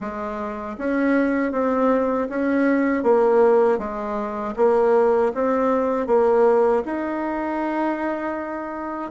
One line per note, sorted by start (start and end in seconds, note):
0.00 0.76 G#3
0.78 1.52 C#4
1.52 2.28 C4
2.29 3.03 C#4
3.03 3.78 A#3
3.78 4.54 G#3
4.56 5.32 A#3
5.34 6.07 C4
6.07 6.83 A#3
6.85 9.11 D#4